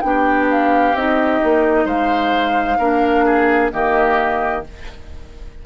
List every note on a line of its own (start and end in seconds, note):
0.00 0.93 B3
0.00 0.94 D4
0.00 0.46 G5
0.07 1.85 G4
0.50 0.95 F5
0.93 1.40 C4
0.93 2.79 D#4
0.93 1.87 D#5
1.43 1.85 A#3
1.85 2.77 G#3
1.85 2.77 C5
1.85 3.71 F5
2.78 3.71 A#3
2.78 3.71 D4
2.78 3.24 A#4
3.25 3.71 G#4
3.71 4.65 D#3
3.71 4.63 A#3
3.71 4.65 G4
3.71 4.63 D#5